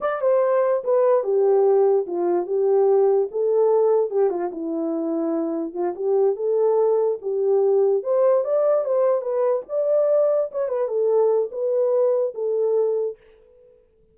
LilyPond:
\new Staff \with { instrumentName = "horn" } { \time 4/4 \tempo 4 = 146 d''8 c''4. b'4 g'4~ | g'4 f'4 g'2 | a'2 g'8 f'8 e'4~ | e'2 f'8 g'4 a'8~ |
a'4. g'2 c''8~ | c''8 d''4 c''4 b'4 d''8~ | d''4. cis''8 b'8 a'4. | b'2 a'2 | }